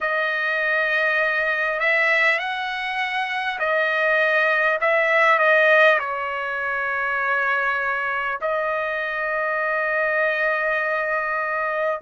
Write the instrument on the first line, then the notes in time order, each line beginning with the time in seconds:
trumpet
0.00 D#5
1.79 E5
2.38 F#5
3.59 D#5
4.80 E5
5.38 D#5
5.99 C#5
8.41 D#5